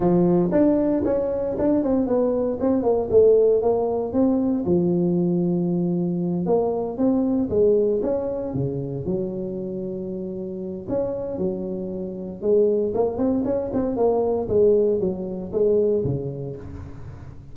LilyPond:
\new Staff \with { instrumentName = "tuba" } { \time 4/4 \tempo 4 = 116 f4 d'4 cis'4 d'8 c'8 | b4 c'8 ais8 a4 ais4 | c'4 f2.~ | f8 ais4 c'4 gis4 cis'8~ |
cis'8 cis4 fis2~ fis8~ | fis4 cis'4 fis2 | gis4 ais8 c'8 cis'8 c'8 ais4 | gis4 fis4 gis4 cis4 | }